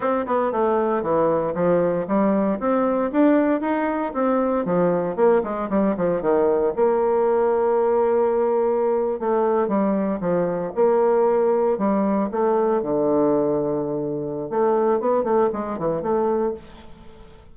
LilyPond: \new Staff \with { instrumentName = "bassoon" } { \time 4/4 \tempo 4 = 116 c'8 b8 a4 e4 f4 | g4 c'4 d'4 dis'4 | c'4 f4 ais8 gis8 g8 f8 | dis4 ais2.~ |
ais4.~ ais16 a4 g4 f16~ | f8. ais2 g4 a16~ | a8. d2.~ d16 | a4 b8 a8 gis8 e8 a4 | }